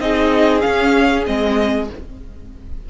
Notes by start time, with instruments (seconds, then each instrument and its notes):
0.00 cello C4, viola D#4, violin G#4 D#5
0.61 viola C#4, cello C#4, violin F5
1.26 cello G#3, viola C4, violin D#5